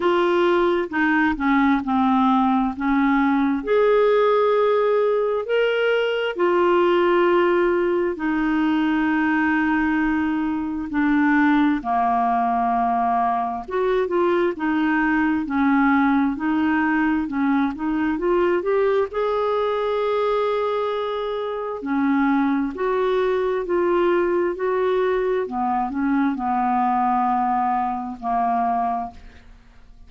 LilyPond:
\new Staff \with { instrumentName = "clarinet" } { \time 4/4 \tempo 4 = 66 f'4 dis'8 cis'8 c'4 cis'4 | gis'2 ais'4 f'4~ | f'4 dis'2. | d'4 ais2 fis'8 f'8 |
dis'4 cis'4 dis'4 cis'8 dis'8 | f'8 g'8 gis'2. | cis'4 fis'4 f'4 fis'4 | b8 cis'8 b2 ais4 | }